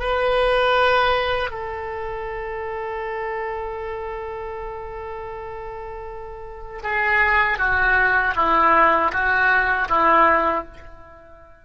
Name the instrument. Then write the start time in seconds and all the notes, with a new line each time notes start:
oboe
0.00 B4
1.51 A4
6.84 G#4
7.59 F#4
8.36 E4
9.13 F#4
9.89 E4